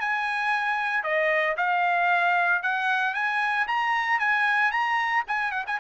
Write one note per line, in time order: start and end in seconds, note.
0.00 1.03 G#5
1.03 1.56 D#5
1.57 2.62 F5
2.63 3.14 F#5
3.14 3.67 G#5
3.67 4.19 A#5
4.19 4.71 G#5
4.71 5.24 A#5
5.27 5.51 G#5
5.51 5.64 F#5
5.66 5.79 G#5